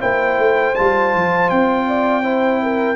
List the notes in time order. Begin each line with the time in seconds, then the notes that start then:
0.00 A#3 E4 C5 G5
0.38 A3
0.75 G3 F4 A5
1.14 F3
1.49 C4 G5
1.87 D5
2.23 E4 C5
2.62 A#4